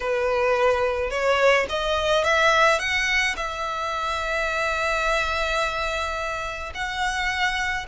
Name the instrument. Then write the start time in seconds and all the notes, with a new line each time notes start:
violin
0.00 B4
1.10 C#5
1.69 D#5
2.24 E5
2.79 F#5
3.36 E5
6.74 F#5